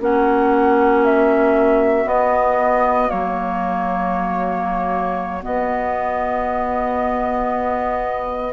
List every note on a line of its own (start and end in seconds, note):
0.00 2.05 A#3
0.00 2.05 C#4
0.00 8.53 F#4
0.00 1.05 F#5
1.05 2.08 E5
2.05 3.08 B3
2.05 3.09 B3
2.05 3.10 D#5
3.08 5.44 F#3
3.08 5.41 A#3
3.08 5.43 C#5
5.42 8.52 B3
5.42 8.53 B3
5.42 8.53 D#5